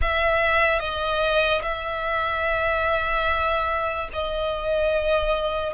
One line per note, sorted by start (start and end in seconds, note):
0.01 0.79 E5
0.79 1.61 D#5
1.62 4.08 E5
4.12 5.73 D#5